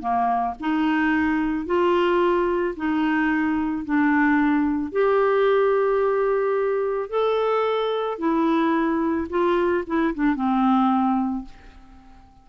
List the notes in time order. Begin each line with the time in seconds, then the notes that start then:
0.00 A#3
0.60 D#4
1.66 F4
2.76 D#4
3.85 D4
4.92 G4
7.10 A4
8.18 E4
9.30 F4
9.87 E4
10.14 D4
10.36 C4